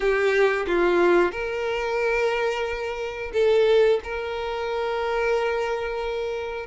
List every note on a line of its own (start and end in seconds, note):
0.00 0.66 G4
0.67 1.31 F4
1.31 3.31 A#4
3.33 3.99 A4
4.03 6.66 A#4